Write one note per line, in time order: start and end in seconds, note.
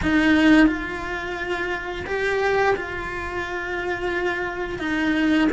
0.02 0.67 D#4
0.67 2.05 F4
2.06 2.75 G4
2.76 4.79 F4
4.79 5.48 D#4